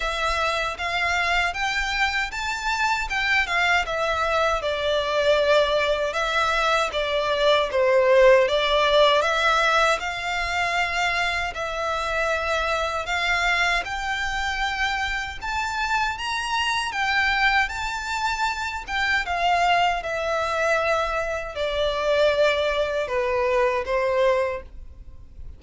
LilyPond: \new Staff \with { instrumentName = "violin" } { \time 4/4 \tempo 4 = 78 e''4 f''4 g''4 a''4 | g''8 f''8 e''4 d''2 | e''4 d''4 c''4 d''4 | e''4 f''2 e''4~ |
e''4 f''4 g''2 | a''4 ais''4 g''4 a''4~ | a''8 g''8 f''4 e''2 | d''2 b'4 c''4 | }